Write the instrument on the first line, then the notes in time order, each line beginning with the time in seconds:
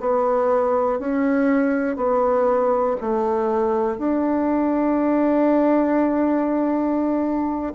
bassoon
0.00 B3
0.99 C#4
1.96 B3
3.00 A3
3.98 D4